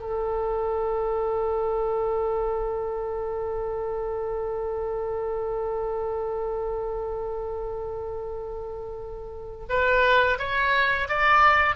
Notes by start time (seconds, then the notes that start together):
0.00 A4
9.70 B4
10.39 C#5
11.09 D5